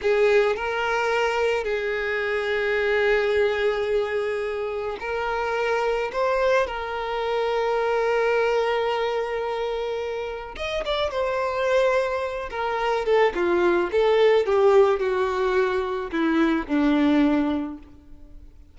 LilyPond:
\new Staff \with { instrumentName = "violin" } { \time 4/4 \tempo 4 = 108 gis'4 ais'2 gis'4~ | gis'1~ | gis'4 ais'2 c''4 | ais'1~ |
ais'2. dis''8 d''8 | c''2~ c''8 ais'4 a'8 | f'4 a'4 g'4 fis'4~ | fis'4 e'4 d'2 | }